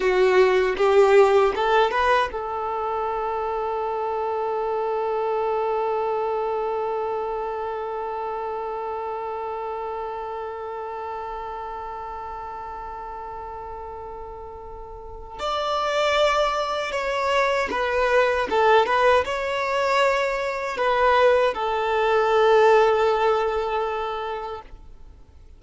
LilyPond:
\new Staff \with { instrumentName = "violin" } { \time 4/4 \tempo 4 = 78 fis'4 g'4 a'8 b'8 a'4~ | a'1~ | a'1~ | a'1~ |
a'1 | d''2 cis''4 b'4 | a'8 b'8 cis''2 b'4 | a'1 | }